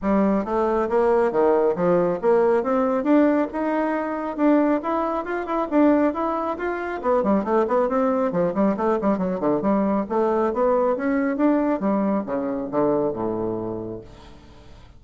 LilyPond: \new Staff \with { instrumentName = "bassoon" } { \time 4/4 \tempo 4 = 137 g4 a4 ais4 dis4 | f4 ais4 c'4 d'4 | dis'2 d'4 e'4 | f'8 e'8 d'4 e'4 f'4 |
b8 g8 a8 b8 c'4 f8 g8 | a8 g8 fis8 d8 g4 a4 | b4 cis'4 d'4 g4 | cis4 d4 a,2 | }